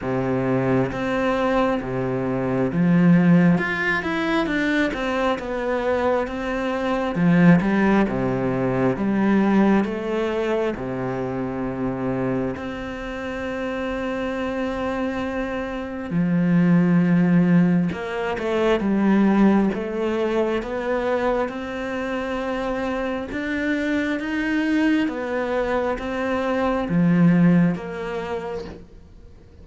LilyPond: \new Staff \with { instrumentName = "cello" } { \time 4/4 \tempo 4 = 67 c4 c'4 c4 f4 | f'8 e'8 d'8 c'8 b4 c'4 | f8 g8 c4 g4 a4 | c2 c'2~ |
c'2 f2 | ais8 a8 g4 a4 b4 | c'2 d'4 dis'4 | b4 c'4 f4 ais4 | }